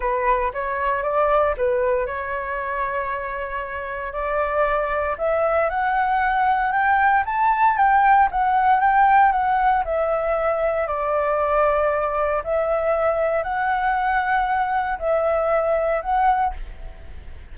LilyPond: \new Staff \with { instrumentName = "flute" } { \time 4/4 \tempo 4 = 116 b'4 cis''4 d''4 b'4 | cis''1 | d''2 e''4 fis''4~ | fis''4 g''4 a''4 g''4 |
fis''4 g''4 fis''4 e''4~ | e''4 d''2. | e''2 fis''2~ | fis''4 e''2 fis''4 | }